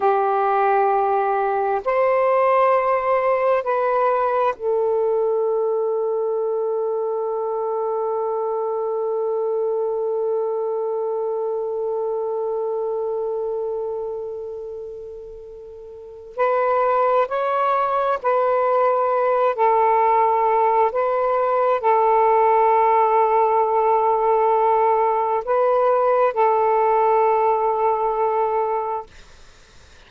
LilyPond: \new Staff \with { instrumentName = "saxophone" } { \time 4/4 \tempo 4 = 66 g'2 c''2 | b'4 a'2.~ | a'1~ | a'1~ |
a'2 b'4 cis''4 | b'4. a'4. b'4 | a'1 | b'4 a'2. | }